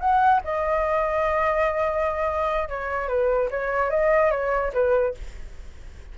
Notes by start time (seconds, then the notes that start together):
0.00 F#5
0.44 D#5
2.69 C#5
3.08 B4
3.51 C#5
3.90 D#5
4.31 C#5
4.73 B4